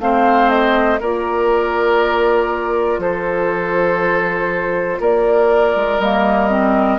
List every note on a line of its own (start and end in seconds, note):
0.00 1.00 A3
0.00 0.99 C4
0.00 1.00 C5
0.00 0.50 F5
0.50 1.00 D#5
0.99 2.99 A#3
0.99 5.99 F4
0.99 3.00 A#4
0.99 3.01 D5
2.99 4.99 F3
2.99 5.00 A4
2.99 5.01 C5
5.00 5.75 A#3
5.00 6.99 A#4
5.00 6.00 D5
5.75 5.99 G#3
5.99 6.99 G3
5.99 6.49 A#3
5.99 6.99 D#5
6.49 6.99 C4